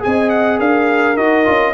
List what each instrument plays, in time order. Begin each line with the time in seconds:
0.00 tuba C4, trombone G#4, trumpet G#5
0.07 horn D#5
0.30 trumpet F#5
0.59 tuba D4, horn A#4, trumpet F5
1.17 tuba D#4, trombone F#4, trumpet D#5
1.45 tuba C#4, trombone F4